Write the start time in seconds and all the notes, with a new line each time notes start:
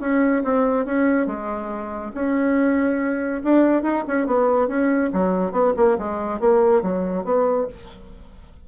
0.00 C#4
0.43 C4
0.85 C#4
1.26 G#3
2.14 C#4
3.43 D4
3.82 D#4
4.07 C#4
4.26 B3
4.67 C#4
5.13 F#3
5.51 B3
5.76 A#3
5.98 G#3
6.40 A#3
6.82 F#3
7.24 B3